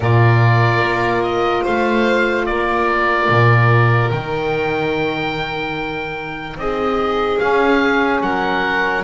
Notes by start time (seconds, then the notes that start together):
0.00 A#2 F4 A#4 D5
0.80 A#3
1.22 D#5
1.62 A3 C5 F5
2.46 A#3 A#4 D5
3.28 A#2
4.10 D#3 D#4 G5
6.56 C4 G#4 D#5
7.39 C#4 F5
8.21 F#3 A#4 F#5